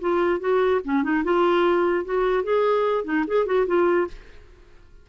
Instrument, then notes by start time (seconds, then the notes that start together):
clarinet
0.00 F4
0.40 F#4
0.84 C#4
1.03 D#4
1.23 F4
2.05 F#4
2.43 G#4
3.04 D#4
3.27 G#4
3.46 F#4
3.67 F4